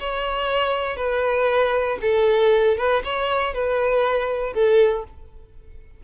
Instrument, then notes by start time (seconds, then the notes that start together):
violin
0.00 C#5
0.97 B4
2.02 A4
2.77 B4
3.04 C#5
3.54 B4
4.53 A4